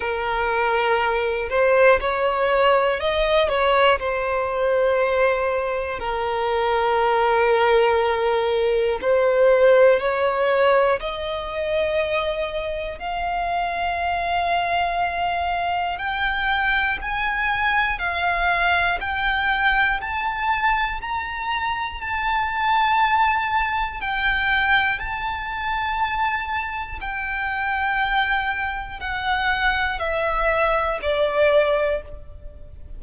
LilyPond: \new Staff \with { instrumentName = "violin" } { \time 4/4 \tempo 4 = 60 ais'4. c''8 cis''4 dis''8 cis''8 | c''2 ais'2~ | ais'4 c''4 cis''4 dis''4~ | dis''4 f''2. |
g''4 gis''4 f''4 g''4 | a''4 ais''4 a''2 | g''4 a''2 g''4~ | g''4 fis''4 e''4 d''4 | }